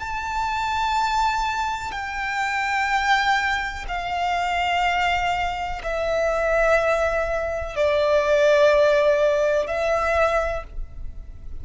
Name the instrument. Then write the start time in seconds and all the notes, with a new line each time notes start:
violin
0.00 A5
1.92 G5
3.88 F5
5.83 E5
7.76 D5
9.67 E5